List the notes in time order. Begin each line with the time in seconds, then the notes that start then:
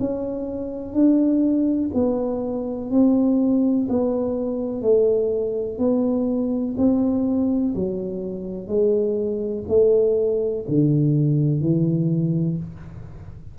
0.00 C#4
0.94 D4
1.94 B3
2.91 C4
3.89 B3
4.82 A3
5.78 B3
6.78 C4
7.75 F#3
8.68 G#3
9.69 A3
10.68 D3
11.61 E3